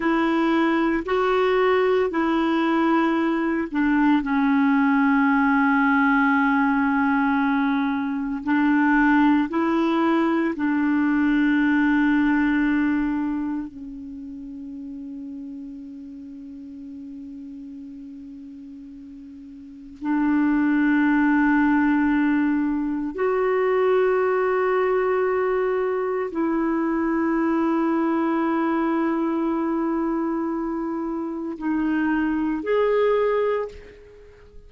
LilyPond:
\new Staff \with { instrumentName = "clarinet" } { \time 4/4 \tempo 4 = 57 e'4 fis'4 e'4. d'8 | cis'1 | d'4 e'4 d'2~ | d'4 cis'2.~ |
cis'2. d'4~ | d'2 fis'2~ | fis'4 e'2.~ | e'2 dis'4 gis'4 | }